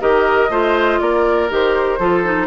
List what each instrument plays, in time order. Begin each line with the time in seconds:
0.00 bassoon D#3, clarinet G4, oboe A#4, flute D#5
0.49 bassoon A3, clarinet F4, oboe C5
1.00 bassoon A#3, oboe A#4, flute D5
1.49 bassoon D#3, clarinet G4, flute C5
1.99 bassoon F3, clarinet F4, oboe A4
2.24 clarinet D#4